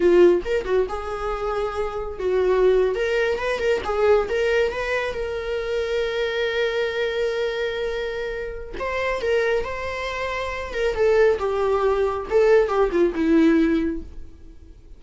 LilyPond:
\new Staff \with { instrumentName = "viola" } { \time 4/4 \tempo 4 = 137 f'4 ais'8 fis'8 gis'2~ | gis'4 fis'4.~ fis'16 ais'4 b'16~ | b'16 ais'8 gis'4 ais'4 b'4 ais'16~ | ais'1~ |
ais'1 | c''4 ais'4 c''2~ | c''8 ais'8 a'4 g'2 | a'4 g'8 f'8 e'2 | }